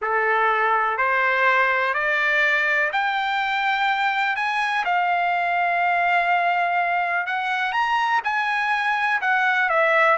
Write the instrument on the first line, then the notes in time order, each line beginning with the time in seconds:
trumpet
0.01 A4
0.97 C5
1.94 D5
2.92 G5
4.36 G#5
4.85 F5
7.26 F#5
7.72 A#5
8.24 G#5
9.21 F#5
9.69 E5